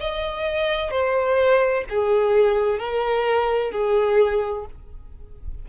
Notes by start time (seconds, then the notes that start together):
0.00 D#5
0.90 C5
1.89 G#4
2.79 A#4
3.71 G#4